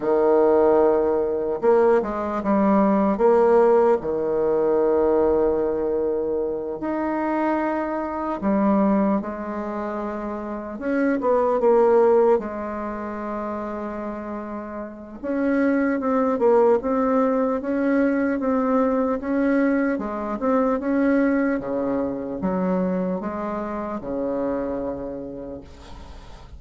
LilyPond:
\new Staff \with { instrumentName = "bassoon" } { \time 4/4 \tempo 4 = 75 dis2 ais8 gis8 g4 | ais4 dis2.~ | dis8 dis'2 g4 gis8~ | gis4. cis'8 b8 ais4 gis8~ |
gis2. cis'4 | c'8 ais8 c'4 cis'4 c'4 | cis'4 gis8 c'8 cis'4 cis4 | fis4 gis4 cis2 | }